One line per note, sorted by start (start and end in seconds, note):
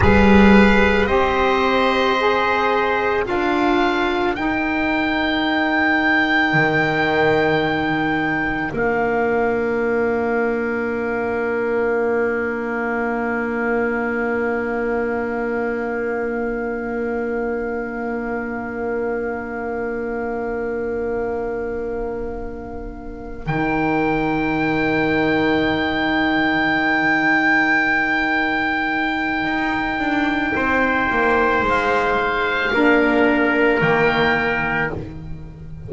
0.00 1.06 G3
0.00 1.07 G#4
0.00 1.07 B4
0.00 1.06 F5
1.06 3.24 C4
1.06 2.16 G4
1.06 3.25 C5
1.06 3.24 D#5
2.20 3.25 G#4
3.25 4.35 D4
3.25 4.34 F4
3.25 30.55 A#4
3.25 4.35 F5
4.35 6.53 D#4
4.35 8.72 D#4
4.35 8.71 G5
6.53 8.71 D#3
8.72 23.46 A#3
8.72 23.44 D4
8.72 23.46 F5
23.45 29.44 D#3
23.45 32.72 D#4
23.45 31.64 G5
29.44 29.98 D#4
29.98 30.53 D4
30.55 31.09 C4
30.55 32.73 C5
31.10 31.62 A#3
31.62 32.71 G#3
31.68 33.81 F5
32.73 33.81 A#3
32.73 33.80 D4
32.73 34.93 A#4
33.80 34.90 D#3
33.80 34.89 A#3
33.80 34.90 G5